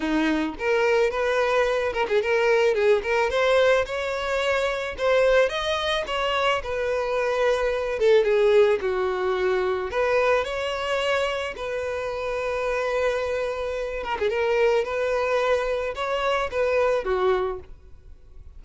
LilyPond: \new Staff \with { instrumentName = "violin" } { \time 4/4 \tempo 4 = 109 dis'4 ais'4 b'4. ais'16 gis'16 | ais'4 gis'8 ais'8 c''4 cis''4~ | cis''4 c''4 dis''4 cis''4 | b'2~ b'8 a'8 gis'4 |
fis'2 b'4 cis''4~ | cis''4 b'2.~ | b'4. ais'16 gis'16 ais'4 b'4~ | b'4 cis''4 b'4 fis'4 | }